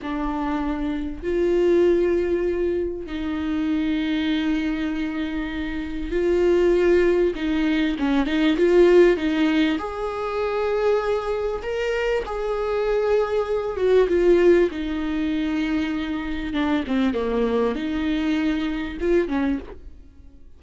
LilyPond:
\new Staff \with { instrumentName = "viola" } { \time 4/4 \tempo 4 = 98 d'2 f'2~ | f'4 dis'2.~ | dis'2 f'2 | dis'4 cis'8 dis'8 f'4 dis'4 |
gis'2. ais'4 | gis'2~ gis'8 fis'8 f'4 | dis'2. d'8 c'8 | ais4 dis'2 f'8 cis'8 | }